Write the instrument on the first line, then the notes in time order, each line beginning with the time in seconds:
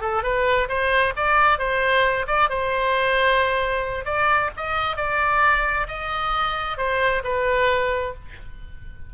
oboe
0.00 A4
0.23 B4
0.68 C5
1.16 D5
1.58 C5
2.27 D5
2.49 C5
4.05 D5
4.56 D#5
4.96 D5
5.87 D#5
6.77 C5
7.23 B4